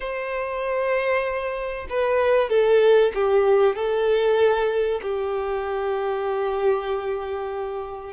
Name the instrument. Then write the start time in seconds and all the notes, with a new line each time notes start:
violin
0.00 C5
1.89 B4
2.49 A4
3.14 G4
3.75 A4
5.02 G4